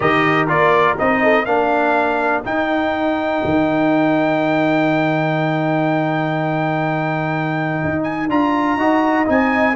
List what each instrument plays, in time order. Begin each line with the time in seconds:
0.00 tuba D#3, trombone G4, horn A#4, trumpet D#5
0.47 tuba A#3, trombone F4, trumpet D5
0.98 tuba C4, trombone D#4, trumpet D#5
1.22 horn A4
1.45 tuba A#3, trombone D4, horn A#4, trumpet F5
2.44 trombone D#4, tuba D#4, trumpet G5
3.44 tuba D#3
7.83 tuba D#4
8.03 trumpet G#5
8.29 tuba D4, trombone F4, trumpet A#5
8.76 tuba D#4, trombone F#4, horn D#5
9.25 tuba C4, trombone D#4, trumpet G#5